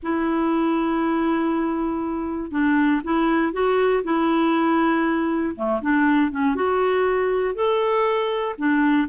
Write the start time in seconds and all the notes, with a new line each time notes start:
0.03 E4
2.51 D4
3.04 E4
3.52 F#4
4.03 E4
5.55 A3
5.81 D4
6.31 C#4
6.55 F#4
7.54 A4
8.58 D4